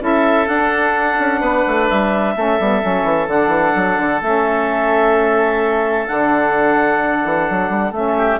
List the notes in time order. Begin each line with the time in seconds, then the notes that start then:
0.00 C#4 E4 A4 E5
0.48 D4 F#5
1.20 C#4
1.41 B3 B4
1.68 A3
1.90 G3 E5
2.36 A3 C#4 A4
2.60 G3 B3
2.82 F#3 C#4
3.04 E3
3.28 D3 D4 F#5
3.48 E3
3.76 F#3
3.98 D3
4.22 A3 C#4 E5
6.07 D3 D4 F#5
7.25 E3
7.50 F#3
7.70 G3
7.92 A3 C#4 E5
8.18 G4